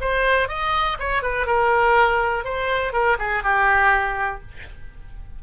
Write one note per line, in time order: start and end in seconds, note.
0.00 0.48 C5
0.48 0.97 D#5
0.99 1.22 C#5
1.22 1.46 B4
1.46 2.44 A#4
2.44 2.92 C5
2.92 3.17 A#4
3.18 3.43 G#4
3.43 4.41 G4